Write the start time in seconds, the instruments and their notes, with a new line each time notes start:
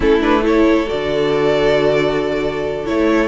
0.00 cello A3, viola C#4, violin E4 A4
0.20 viola D4, violin B4
0.42 viola E4, violin A4 C#5
0.87 cello D3, viola F#4, violin D5
2.85 cello A3, viola E4, violin C#5